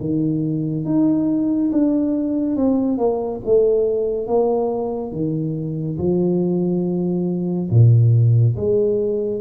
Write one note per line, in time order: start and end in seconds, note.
0.00 0.85 D#3
0.85 1.71 D#4
1.72 2.56 D4
2.56 2.98 C4
2.98 3.41 A#3
3.44 4.27 A3
4.27 5.12 A#3
5.12 5.97 D#3
5.98 7.69 F3
7.70 8.56 A#2
8.56 9.41 G#3